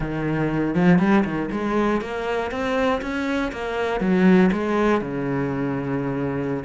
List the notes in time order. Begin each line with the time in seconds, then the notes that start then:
0.00 D#3
0.74 F3
0.99 G3
1.24 D#3
1.51 G#3
2.01 A#3
2.51 C4
3.01 C#4
3.51 A#3
4.00 F#3
4.52 G#3
5.01 C#3